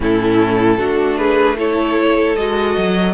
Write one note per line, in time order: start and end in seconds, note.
0.00 0.77 A2
0.00 0.78 C#4
0.00 0.78 E4
0.00 1.17 A4
0.78 2.36 A3
0.78 1.57 D4
0.78 1.17 F#4
1.17 1.57 G#4
1.17 1.57 B4
1.58 2.37 E4
1.58 3.14 A4
1.58 2.36 C#5
2.36 2.76 G#3
2.36 3.14 F#4
2.36 3.14 D#5
2.77 3.14 F#3